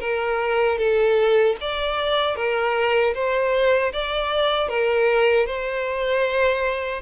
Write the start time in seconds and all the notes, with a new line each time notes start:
0.00 A#4
0.78 A4
1.60 D5
2.36 A#4
3.14 C5
3.92 D5
4.68 A#4
5.46 C5